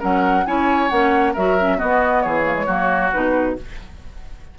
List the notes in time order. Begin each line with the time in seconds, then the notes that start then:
0.00 F#3 C#4 A#4 F#5
0.46 C#4 E4 C#5 G#5
0.90 A#3 C#4 F#5
1.33 F#3 F#4 A#4 E5
1.59 C#4
1.77 B3 F#4 D#5
2.22 E3 G#4 C#5
2.45 A#3
2.54 G#3
2.66 F#3 A#3 F#4
3.12 B2 D#4 B4